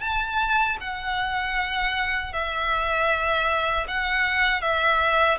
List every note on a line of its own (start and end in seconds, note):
0.00 0.77 A5
0.80 2.33 F#5
2.33 3.86 E5
3.87 4.61 F#5
4.61 5.38 E5